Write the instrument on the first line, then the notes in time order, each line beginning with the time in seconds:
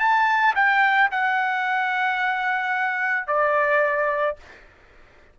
trumpet
0.00 A5
0.56 G5
1.12 F#5
3.28 D5